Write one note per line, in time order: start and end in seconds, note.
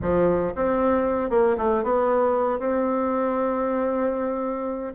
0.01 0.53 F3
0.55 1.30 C4
1.30 1.56 A#3
1.57 1.83 A3
1.83 2.59 B3
2.59 4.94 C4